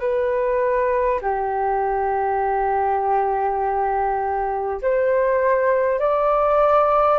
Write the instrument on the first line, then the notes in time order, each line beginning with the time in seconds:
flute
0.00 B4
1.22 G4
4.82 C5
5.99 D5